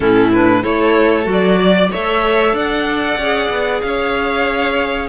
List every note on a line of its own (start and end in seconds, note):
0.00 0.64 A2
0.00 0.31 C#4
0.00 0.62 E4
0.00 0.30 A4
0.32 0.61 D4
0.32 0.63 B4
0.61 1.26 A3
0.61 1.23 E4
0.61 1.57 A4
0.61 1.27 C#5
1.23 1.90 F#3
1.23 1.87 F#4
1.32 1.93 D5
1.57 1.89 D5
1.90 2.52 A3
1.90 3.20 A4
1.90 2.53 C#5
1.90 2.57 E5
2.52 3.16 D4
2.52 3.81 D5
2.52 3.81 F#5
3.17 3.49 C#4
3.17 5.09 G#4
3.49 3.81 B3
3.81 5.09 C#4
3.81 5.09 C#5
3.81 5.09 F5